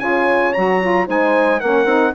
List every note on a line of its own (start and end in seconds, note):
0.00 0.54 C#3
0.00 0.54 F4
0.00 1.07 C#5
0.00 0.53 G#5
0.53 1.08 F#3
0.53 0.82 F#4
0.53 1.07 A#5
0.82 1.06 F4
1.06 1.62 G#3
1.06 1.60 D#4
1.06 1.60 C5
1.06 1.60 G#5
1.60 1.85 A#3
1.60 1.87 C#4
1.60 2.14 A#4
1.60 2.14 F#5
1.85 2.12 C4
1.85 2.14 D#4